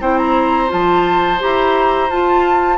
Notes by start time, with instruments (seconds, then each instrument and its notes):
0.00 bassoon C4, clarinet E4, oboe C5, flute G5
0.18 flute A#5
0.68 bassoon F3, clarinet F4, flute A5
1.39 bassoon E4, clarinet G4, flute A#5
2.09 bassoon F4, clarinet F4, flute A5